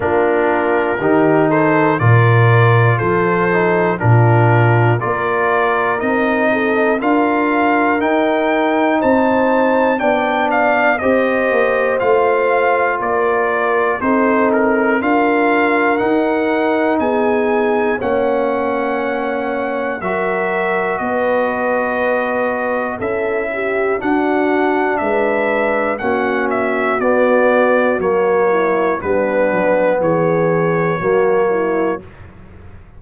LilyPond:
<<
  \new Staff \with { instrumentName = "trumpet" } { \time 4/4 \tempo 4 = 60 ais'4. c''8 d''4 c''4 | ais'4 d''4 dis''4 f''4 | g''4 a''4 g''8 f''8 dis''4 | f''4 d''4 c''8 ais'8 f''4 |
fis''4 gis''4 fis''2 | e''4 dis''2 e''4 | fis''4 e''4 fis''8 e''8 d''4 | cis''4 b'4 cis''2 | }
  \new Staff \with { instrumentName = "horn" } { \time 4/4 f'4 g'8 a'8 ais'4 a'4 | f'4 ais'4. a'8 ais'4~ | ais'4 c''4 d''4 c''4~ | c''4 ais'4 a'4 ais'4~ |
ais'4 gis'4 cis''2 | ais'4 b'2 a'8 g'8 | fis'4 b'4 fis'2~ | fis'8 e'8 d'4 gis'4 fis'8 e'8 | }
  \new Staff \with { instrumentName = "trombone" } { \time 4/4 d'4 dis'4 f'4. dis'8 | d'4 f'4 dis'4 f'4 | dis'2 d'4 g'4 | f'2 dis'4 f'4 |
dis'2 cis'2 | fis'2. e'4 | d'2 cis'4 b4 | ais4 b2 ais4 | }
  \new Staff \with { instrumentName = "tuba" } { \time 4/4 ais4 dis4 ais,4 f4 | ais,4 ais4 c'4 d'4 | dis'4 c'4 b4 c'8 ais8 | a4 ais4 c'4 d'4 |
dis'4 b4 ais2 | fis4 b2 cis'4 | d'4 gis4 ais4 b4 | fis4 g8 fis8 e4 fis4 | }
>>